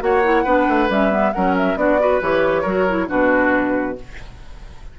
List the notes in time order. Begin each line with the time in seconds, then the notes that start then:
0.00 A#3 F#4 C#5 F#5
0.24 E4
0.44 B3 D4 B4
0.69 A3
0.90 G3 C#4 E5
1.11 B3
1.34 F#3 C#4 A#4 F#5
1.57 E5
1.77 B3 D4 F#4 D5
2.00 F#4 B4
2.22 E3 G4 C#5
2.62 F#3 F#4 A#4
2.89 E4
3.08 B2 D4 F#4 B4